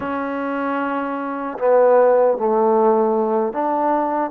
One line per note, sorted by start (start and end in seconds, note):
0.00 1.58 C#4
1.58 2.37 B3
2.37 3.52 A3
3.52 4.30 D4